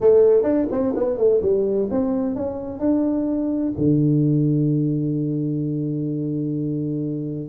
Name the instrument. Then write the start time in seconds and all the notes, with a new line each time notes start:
tuba
0.00 A3
0.43 D4
0.71 C4
0.95 B3
1.17 A3
1.42 G3
1.90 C4
2.35 C#4
2.79 D4
3.77 D3